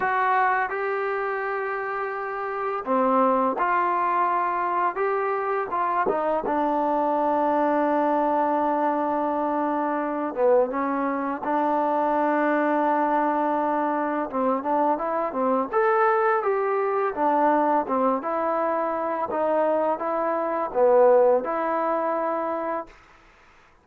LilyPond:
\new Staff \with { instrumentName = "trombone" } { \time 4/4 \tempo 4 = 84 fis'4 g'2. | c'4 f'2 g'4 | f'8 dis'8 d'2.~ | d'2~ d'8 b8 cis'4 |
d'1 | c'8 d'8 e'8 c'8 a'4 g'4 | d'4 c'8 e'4. dis'4 | e'4 b4 e'2 | }